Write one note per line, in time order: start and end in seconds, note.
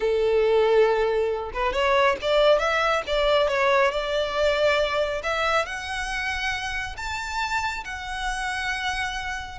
0.00 1.51 A4
1.53 1.73 B4
1.73 2.16 C#5
2.21 2.58 D5
2.58 3.02 E5
3.07 3.48 D5
3.48 3.91 C#5
3.91 5.22 D5
5.23 5.65 E5
5.65 6.95 F#5
6.96 7.83 A5
7.84 9.58 F#5